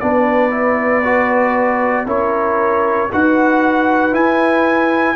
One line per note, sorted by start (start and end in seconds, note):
0.00 2.06 B3
0.00 0.51 D4
0.00 2.07 B4
0.00 2.07 D5
0.51 1.03 E4
1.05 2.07 F#4
2.06 3.10 C#4
2.06 3.10 E4
2.06 3.10 A#4
2.06 3.12 C#5
3.12 4.13 D#4
3.12 4.12 F#4
3.12 5.16 B4
3.12 4.15 F#5
4.12 5.16 E4
4.12 5.16 G#5